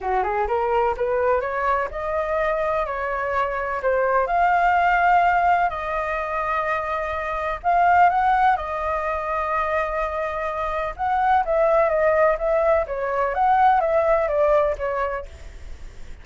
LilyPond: \new Staff \with { instrumentName = "flute" } { \time 4/4 \tempo 4 = 126 fis'8 gis'8 ais'4 b'4 cis''4 | dis''2 cis''2 | c''4 f''2. | dis''1 |
f''4 fis''4 dis''2~ | dis''2. fis''4 | e''4 dis''4 e''4 cis''4 | fis''4 e''4 d''4 cis''4 | }